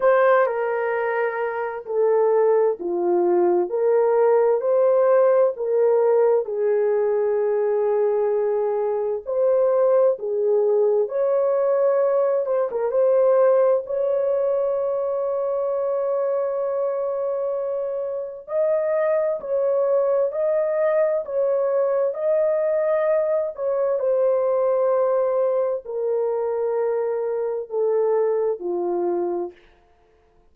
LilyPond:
\new Staff \with { instrumentName = "horn" } { \time 4/4 \tempo 4 = 65 c''8 ais'4. a'4 f'4 | ais'4 c''4 ais'4 gis'4~ | gis'2 c''4 gis'4 | cis''4. c''16 ais'16 c''4 cis''4~ |
cis''1 | dis''4 cis''4 dis''4 cis''4 | dis''4. cis''8 c''2 | ais'2 a'4 f'4 | }